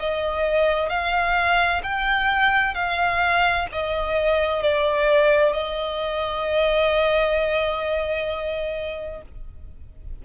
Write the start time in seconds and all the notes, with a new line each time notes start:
0.00 D#5
0.90 F5
1.83 G5
2.75 F5
3.72 D#5
4.63 D5
5.53 D#5